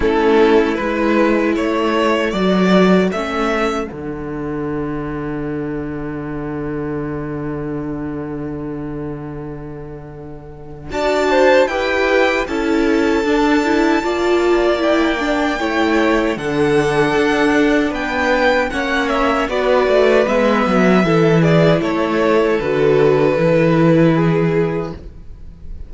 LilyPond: <<
  \new Staff \with { instrumentName = "violin" } { \time 4/4 \tempo 4 = 77 a'4 b'4 cis''4 d''4 | e''4 fis''2.~ | fis''1~ | fis''2 a''4 g''4 |
a''2. g''4~ | g''4 fis''2 g''4 | fis''8 e''8 d''4 e''4. d''8 | cis''4 b'2. | }
  \new Staff \with { instrumentName = "violin" } { \time 4/4 e'2 a'2~ | a'1~ | a'1~ | a'2 d''8 c''8 b'4 |
a'2 d''2 | cis''4 a'2 b'4 | cis''4 b'2 a'8 gis'8 | a'2. gis'4 | }
  \new Staff \with { instrumentName = "viola" } { \time 4/4 cis'4 e'2 fis'4 | cis'4 d'2.~ | d'1~ | d'2 fis'4 g'4 |
e'4 d'8 e'8 f'4 e'8 d'8 | e'4 d'2. | cis'4 fis'4 b4 e'4~ | e'4 fis'4 e'2 | }
  \new Staff \with { instrumentName = "cello" } { \time 4/4 a4 gis4 a4 fis4 | a4 d2.~ | d1~ | d2 d'4 e'4 |
cis'4 d'4 ais2 | a4 d4 d'4 b4 | ais4 b8 a8 gis8 fis8 e4 | a4 d4 e2 | }
>>